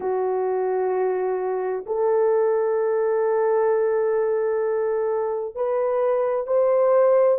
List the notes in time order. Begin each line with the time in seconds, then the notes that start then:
0.00 F#4
1.86 A4
5.55 B4
6.46 C5